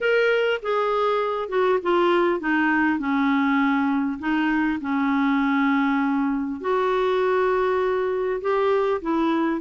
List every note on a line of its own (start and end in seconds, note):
0.00 0.60 A#4
0.62 1.48 G#4
1.48 1.78 F#4
1.82 2.40 F4
2.40 2.98 D#4
2.98 4.18 C#4
4.19 4.79 D#4
4.80 6.60 C#4
6.60 8.40 F#4
8.41 9.01 G4
9.01 9.61 E4